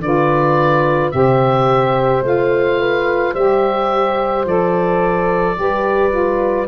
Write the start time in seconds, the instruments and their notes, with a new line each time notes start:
0.00 tuba D3, saxophone F4, horn B4, oboe D5
1.11 tuba C3, saxophone G4, horn C5, oboe E5
2.22 tuba A3, saxophone F4, oboe F5
2.80 horn B4
3.33 tuba G3, saxophone G4, horn C5, oboe E5
4.45 tuba F3, saxophone A4, oboe D5
5.55 tuba G3, saxophone G4, horn B4
6.09 saxophone F4